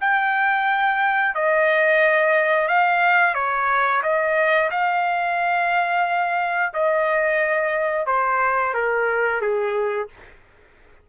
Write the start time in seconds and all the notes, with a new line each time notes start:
0.00 G5
1.35 D#5
2.68 F5
3.34 C#5
4.02 D#5
4.71 F5
6.74 D#5
8.06 C5
8.74 A#4
9.41 G#4